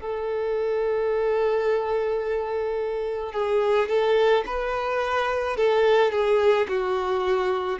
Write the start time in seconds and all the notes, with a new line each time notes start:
0.00 A4
3.33 G#4
3.88 A4
4.46 B4
5.57 A4
6.12 G#4
6.68 F#4